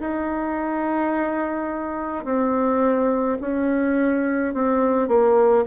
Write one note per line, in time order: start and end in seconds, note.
0.00 2.25 D#4
2.25 3.38 C4
3.41 4.54 C#4
4.54 5.08 C4
5.08 5.64 A#3